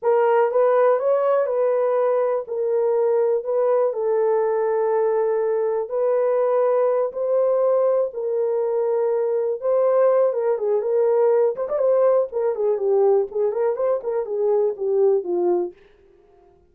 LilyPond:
\new Staff \with { instrumentName = "horn" } { \time 4/4 \tempo 4 = 122 ais'4 b'4 cis''4 b'4~ | b'4 ais'2 b'4 | a'1 | b'2~ b'8 c''4.~ |
c''8 ais'2. c''8~ | c''4 ais'8 gis'8 ais'4. c''16 d''16 | c''4 ais'8 gis'8 g'4 gis'8 ais'8 | c''8 ais'8 gis'4 g'4 f'4 | }